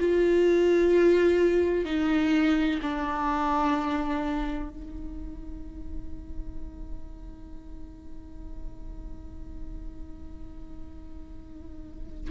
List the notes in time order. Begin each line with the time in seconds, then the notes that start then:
0.00 F4
1.85 D#4
2.83 D4
4.70 D#4